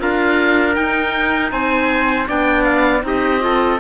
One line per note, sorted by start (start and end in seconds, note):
0.00 0.78 D4
0.00 0.74 F4
0.00 1.53 A#4
0.00 0.76 F5
0.74 2.26 D#4
0.74 1.52 D#4
0.74 1.52 G5
1.52 2.28 C4
1.52 2.28 C5
1.52 2.28 G#5
2.27 3.04 B3
2.27 3.02 D4
2.27 3.04 D5
2.27 2.64 G5
2.64 3.02 F5
3.02 3.80 C4
3.02 3.40 D#4
3.02 3.44 G4
3.02 3.80 D#5
3.40 3.78 F4
3.40 3.80 A4